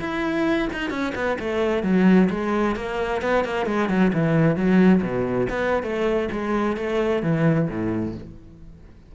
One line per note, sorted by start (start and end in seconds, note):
0.00 0.69 E4
0.73 0.90 D#4
0.90 1.13 C#4
1.15 1.38 B3
1.40 1.83 A3
1.83 2.29 F#3
2.30 2.76 G#3
2.76 3.22 A#3
3.22 3.45 B3
3.45 3.66 A#3
3.66 3.89 G#3
3.89 4.12 F#3
4.13 4.56 E3
4.56 5.02 F#3
5.02 5.48 B2
5.50 5.83 B3
5.83 6.29 A3
6.32 6.77 G#3
6.77 7.23 A3
7.23 7.69 E3
7.69 8.15 A2